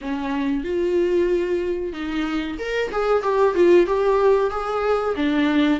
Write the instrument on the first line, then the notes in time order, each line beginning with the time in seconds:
viola
0.01 C#4
0.64 F4
1.92 D#4
2.58 A#4
2.91 G#4
3.22 G4
3.55 F4
3.86 G4
4.50 G#4
5.16 D4